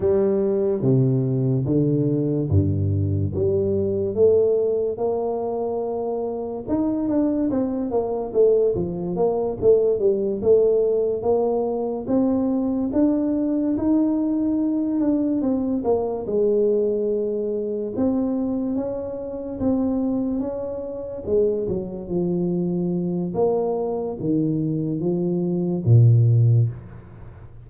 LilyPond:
\new Staff \with { instrumentName = "tuba" } { \time 4/4 \tempo 4 = 72 g4 c4 d4 g,4 | g4 a4 ais2 | dis'8 d'8 c'8 ais8 a8 f8 ais8 a8 | g8 a4 ais4 c'4 d'8~ |
d'8 dis'4. d'8 c'8 ais8 gis8~ | gis4. c'4 cis'4 c'8~ | c'8 cis'4 gis8 fis8 f4. | ais4 dis4 f4 ais,4 | }